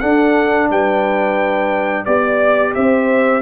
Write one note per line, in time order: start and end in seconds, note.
0.00 2.06 D4
0.00 0.70 D4
0.00 0.69 A4
0.00 0.68 F#5
0.70 2.07 G3
0.70 2.06 B4
0.70 2.06 G5
2.06 2.75 B3
2.06 3.42 G4
2.06 2.74 D5
2.75 3.42 C4
2.75 3.42 C5
2.75 3.42 E5